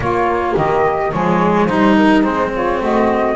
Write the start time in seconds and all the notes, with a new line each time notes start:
0.00 A#3 F4 C#5
0.56 D#3 G4 D#5
1.11 F3 G#3 G#4 C#5
1.65 G3 D#4 C5
1.96 A#4
2.23 G#3 C4 C5
2.53 F4 C#5
2.79 A3 F#4 D#5